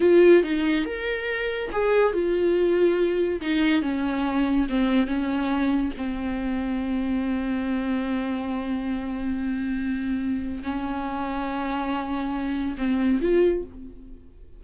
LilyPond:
\new Staff \with { instrumentName = "viola" } { \time 4/4 \tempo 4 = 141 f'4 dis'4 ais'2 | gis'4 f'2. | dis'4 cis'2 c'4 | cis'2 c'2~ |
c'1~ | c'1~ | c'4 cis'2.~ | cis'2 c'4 f'4 | }